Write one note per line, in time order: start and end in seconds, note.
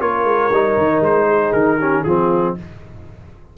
0.00 0.24 A#3
0.00 0.51 F4
0.00 1.27 A#4
0.00 1.04 C#5
0.24 0.50 G#3
0.51 0.77 G3
0.51 1.80 D#4
0.77 1.01 D#3
1.01 1.52 G#3
1.01 1.53 C5
1.27 1.78 G#4
1.53 2.04 D#3
1.53 2.04 A#4
1.79 2.06 C#4
1.79 2.04 G4
2.04 2.57 F3
2.04 2.58 C4
2.04 2.57 F4
2.04 2.55 G#4